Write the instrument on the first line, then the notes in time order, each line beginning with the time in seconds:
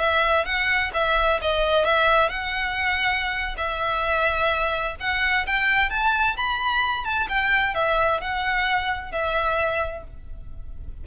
violin
0.00 E5
0.46 F#5
0.94 E5
1.42 D#5
1.85 E5
2.29 F#5
3.57 E5
5.00 F#5
5.47 G5
5.90 A5
6.37 B5
7.04 A5
7.29 G5
7.75 E5
8.21 F#5
9.12 E5